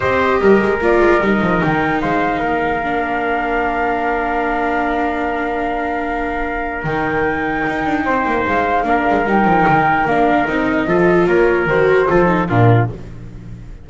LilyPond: <<
  \new Staff \with { instrumentName = "flute" } { \time 4/4 \tempo 4 = 149 dis''2 d''4 dis''4 | g''4 f''2.~ | f''1~ | f''1~ |
f''4 g''2.~ | g''4 f''2 g''4~ | g''4 f''4 dis''2 | cis''4 c''2 ais'4 | }
  \new Staff \with { instrumentName = "trumpet" } { \time 4/4 c''4 ais'2.~ | ais'4 c''4 ais'2~ | ais'1~ | ais'1~ |
ais'1 | c''2 ais'2~ | ais'2. a'4 | ais'2 a'4 f'4 | }
  \new Staff \with { instrumentName = "viola" } { \time 4/4 g'2 f'4 dis'4~ | dis'2. d'4~ | d'1~ | d'1~ |
d'4 dis'2.~ | dis'2 d'4 dis'4~ | dis'4 d'4 dis'4 f'4~ | f'4 fis'4 f'8 dis'8 d'4 | }
  \new Staff \with { instrumentName = "double bass" } { \time 4/4 c'4 g8 gis8 ais8 gis8 g8 f8 | dis4 gis4 ais2~ | ais1~ | ais1~ |
ais4 dis2 dis'8 d'8 | c'8 ais8 gis4 ais8 gis8 g8 f8 | dis4 ais4 c'4 f4 | ais4 dis4 f4 ais,4 | }
>>